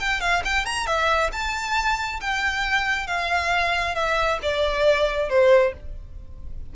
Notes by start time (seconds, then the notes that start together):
0.00 G5
0.21 F5
0.45 G5
0.66 A#5
0.87 E5
1.32 A5
2.21 G5
3.07 F5
3.95 E5
4.43 D5
5.30 C5